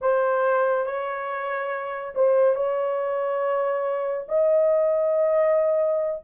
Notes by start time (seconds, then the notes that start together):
0.01 C5
0.86 C#5
2.14 C5
2.55 C#5
4.28 D#5